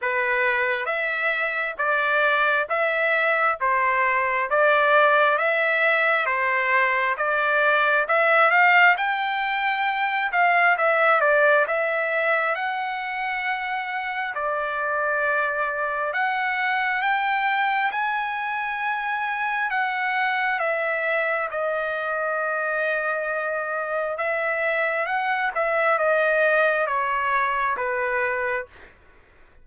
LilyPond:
\new Staff \with { instrumentName = "trumpet" } { \time 4/4 \tempo 4 = 67 b'4 e''4 d''4 e''4 | c''4 d''4 e''4 c''4 | d''4 e''8 f''8 g''4. f''8 | e''8 d''8 e''4 fis''2 |
d''2 fis''4 g''4 | gis''2 fis''4 e''4 | dis''2. e''4 | fis''8 e''8 dis''4 cis''4 b'4 | }